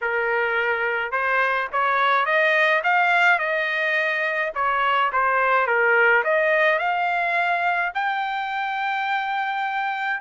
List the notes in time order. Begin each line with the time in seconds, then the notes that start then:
0.01 A#4
1.11 C5
1.72 C#5
2.25 D#5
2.83 F5
3.39 D#5
4.54 C#5
5.12 C5
5.66 A#4
6.24 D#5
6.78 F5
7.94 G5